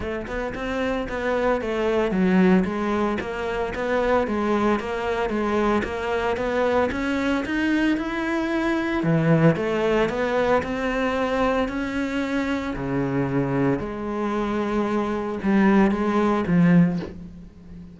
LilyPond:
\new Staff \with { instrumentName = "cello" } { \time 4/4 \tempo 4 = 113 a8 b8 c'4 b4 a4 | fis4 gis4 ais4 b4 | gis4 ais4 gis4 ais4 | b4 cis'4 dis'4 e'4~ |
e'4 e4 a4 b4 | c'2 cis'2 | cis2 gis2~ | gis4 g4 gis4 f4 | }